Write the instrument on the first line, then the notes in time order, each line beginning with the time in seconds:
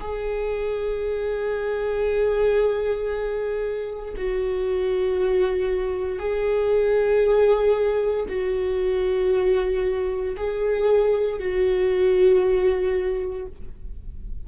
viola
0.00 G#4
4.16 F#4
6.18 G#4
8.28 F#4
10.36 G#4
11.39 F#4